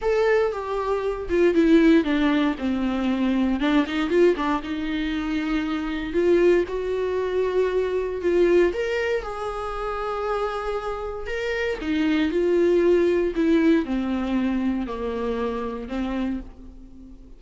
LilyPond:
\new Staff \with { instrumentName = "viola" } { \time 4/4 \tempo 4 = 117 a'4 g'4. f'8 e'4 | d'4 c'2 d'8 dis'8 | f'8 d'8 dis'2. | f'4 fis'2. |
f'4 ais'4 gis'2~ | gis'2 ais'4 dis'4 | f'2 e'4 c'4~ | c'4 ais2 c'4 | }